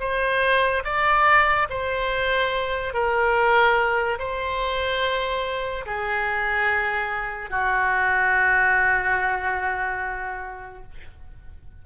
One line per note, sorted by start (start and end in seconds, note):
0.00 0.83 C5
0.85 1.68 D5
1.70 2.94 C5
2.94 4.19 A#4
4.19 5.86 C5
5.86 7.50 G#4
7.50 10.83 F#4